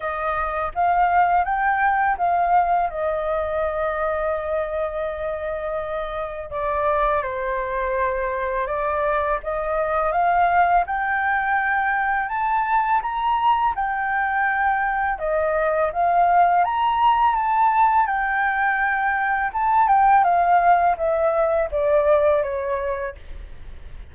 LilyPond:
\new Staff \with { instrumentName = "flute" } { \time 4/4 \tempo 4 = 83 dis''4 f''4 g''4 f''4 | dis''1~ | dis''4 d''4 c''2 | d''4 dis''4 f''4 g''4~ |
g''4 a''4 ais''4 g''4~ | g''4 dis''4 f''4 ais''4 | a''4 g''2 a''8 g''8 | f''4 e''4 d''4 cis''4 | }